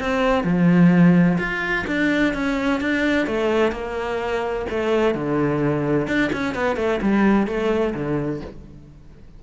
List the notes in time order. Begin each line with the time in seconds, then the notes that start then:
0.00 C4
0.44 F3
1.38 F4
1.87 D4
2.34 C#4
2.81 D4
3.27 A3
3.72 A#3
4.70 A3
5.15 D3
6.07 D4
6.33 C#4
6.55 B3
6.76 A3
7.02 G3
7.47 A3
7.95 D3